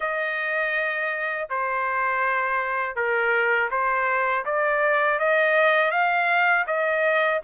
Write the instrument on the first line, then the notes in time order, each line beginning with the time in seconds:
trumpet
0.00 D#5
1.49 C5
2.95 A#4
3.70 C5
4.45 D5
5.19 D#5
5.91 F5
6.66 D#5